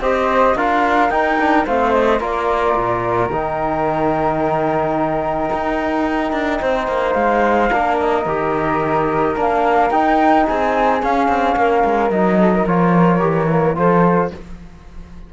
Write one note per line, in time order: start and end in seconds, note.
0.00 0.55 C4
0.00 0.57 G4
0.00 0.56 C5
0.00 0.57 D#5
0.56 1.11 D4
0.56 1.10 F4
0.56 1.65 A#4
0.56 1.10 F5
1.10 1.38 D#4
1.10 1.66 D#4
1.10 1.65 G5
1.39 1.66 D4
1.65 2.20 A3
1.65 2.20 C4
1.65 2.20 C5
1.65 1.92 F5
1.92 2.20 D#5
2.20 2.75 A#3
2.20 3.30 F4
2.20 6.61 A#4
2.20 3.29 D5
2.76 3.29 A#2
3.29 5.50 D#3
3.29 7.70 D#4
3.29 7.13 G5
5.53 6.32 D#4
6.32 6.60 D4
6.61 6.88 C4
6.61 7.71 C5
6.88 7.15 A#3
7.13 7.70 G#3
7.13 7.96 F5
7.70 8.26 A#3
7.70 8.25 D4
7.70 10.46 A#4
7.99 9.37 D#5
8.26 9.36 D#3
8.26 9.36 G4
9.36 9.90 A#3
9.36 9.91 D4
9.36 9.91 F5
9.90 10.45 D#4
9.90 11.02 D#4
9.90 10.46 G5
10.47 11.03 C4
10.47 11.57 G#4
10.47 11.02 G#5
11.02 12.12 C#4
11.02 11.28 C#4
11.02 12.11 F5
11.28 11.56 C4
11.56 11.84 A#3
11.56 12.40 A#4
11.85 12.10 G#3
12.10 12.65 F#3
12.10 12.68 D#4
12.10 12.66 D#5
12.40 12.54 A4
12.54 13.78 A#4
12.67 13.22 F3
12.67 13.19 F4
12.67 13.77 C#5
13.19 13.76 E3
13.19 13.47 G4
13.50 13.75 A#3
13.75 14.31 F3
13.75 14.30 F4
13.75 14.33 A4
13.75 14.33 C5